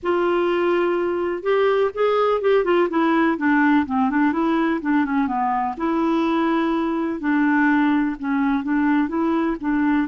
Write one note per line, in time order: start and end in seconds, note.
0.02 1.42 F4
1.42 1.90 G4
1.94 2.41 G#4
2.41 2.64 G4
2.64 2.88 F4
2.89 3.37 E4
3.37 3.85 D4
3.86 4.09 C4
4.09 4.32 D4
4.32 4.80 E4
4.81 5.05 D4
5.05 5.27 C#4
5.27 5.75 B3
5.77 7.20 E4
7.20 8.16 D4
8.19 8.63 C#4
8.63 9.08 D4
9.08 9.56 E4
9.60 10.08 D4